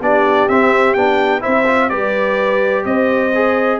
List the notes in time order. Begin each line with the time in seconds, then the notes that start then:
0.00 B3 D4 G4 D5
0.48 C4 E5
0.94 B3 D4 G5
1.40 C4 E4 C5 E5
1.66 F4
1.89 G3 G4 B4 D5
2.85 C4 C5 D#5
3.34 G#4